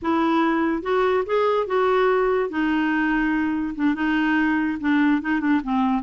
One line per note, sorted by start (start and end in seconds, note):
0.02 0.82 E4
0.82 1.24 F#4
1.25 1.66 G#4
1.66 2.49 F#4
2.49 3.74 D#4
3.75 3.95 D4
3.95 4.78 D#4
4.80 5.21 D4
5.21 5.40 D#4
5.40 5.61 D4
5.63 6.02 C4